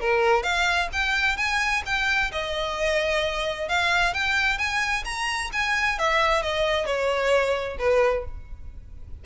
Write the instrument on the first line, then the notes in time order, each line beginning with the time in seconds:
violin
0.00 A#4
0.42 F5
0.92 G5
1.37 G#5
1.85 G5
2.31 D#5
3.68 F5
4.14 G5
4.58 G#5
5.04 A#5
5.52 G#5
5.98 E5
6.42 D#5
6.86 C#5
7.78 B4